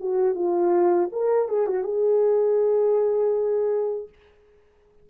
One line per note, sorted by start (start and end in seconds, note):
0.00 0.35 F#4
0.35 1.10 F4
1.12 1.48 A#4
1.48 1.67 G#4
1.67 1.84 F#4
1.84 4.09 G#4